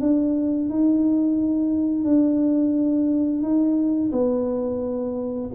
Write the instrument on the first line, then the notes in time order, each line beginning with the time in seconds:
tuba
0.00 D4
0.69 D#4
2.04 D4
3.42 D#4
4.12 B3